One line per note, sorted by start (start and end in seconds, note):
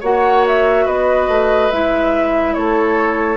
0.00 0.86 A#3
0.00 1.72 F#4
0.00 0.85 C#5
0.00 0.45 F#5
0.47 0.87 E5
0.85 1.28 B3
0.85 2.54 B4
0.85 1.71 D#5
1.28 1.70 A3
1.71 2.55 G#3
1.71 3.37 E4
1.71 2.54 E5
2.54 3.37 A3
2.54 3.37 A4
2.54 3.37 C#5